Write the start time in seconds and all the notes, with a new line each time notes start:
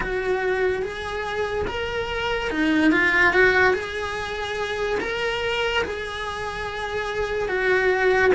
0.00 F#4
0.82 G#4
1.67 A#4
2.50 D#4
2.91 F4
3.33 F#4
3.73 G#4
5.00 A#4
5.83 G#4
7.48 F#4